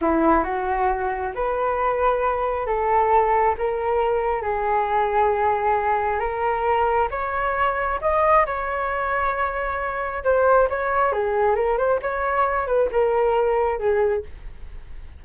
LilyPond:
\new Staff \with { instrumentName = "flute" } { \time 4/4 \tempo 4 = 135 e'4 fis'2 b'4~ | b'2 a'2 | ais'2 gis'2~ | gis'2 ais'2 |
cis''2 dis''4 cis''4~ | cis''2. c''4 | cis''4 gis'4 ais'8 c''8 cis''4~ | cis''8 b'8 ais'2 gis'4 | }